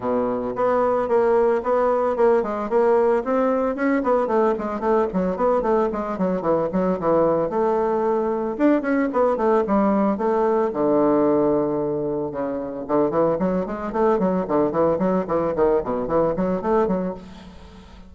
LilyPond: \new Staff \with { instrumentName = "bassoon" } { \time 4/4 \tempo 4 = 112 b,4 b4 ais4 b4 | ais8 gis8 ais4 c'4 cis'8 b8 | a8 gis8 a8 fis8 b8 a8 gis8 fis8 | e8 fis8 e4 a2 |
d'8 cis'8 b8 a8 g4 a4 | d2. cis4 | d8 e8 fis8 gis8 a8 fis8 d8 e8 | fis8 e8 dis8 b,8 e8 fis8 a8 fis8 | }